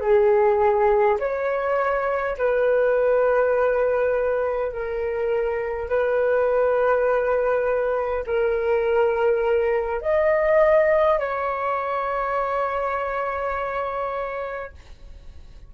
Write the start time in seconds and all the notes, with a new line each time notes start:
0.00 G#4
1.19 C#5
2.38 B4
4.72 A#4
5.89 B4
8.27 A#4
10.02 D#5
11.19 C#5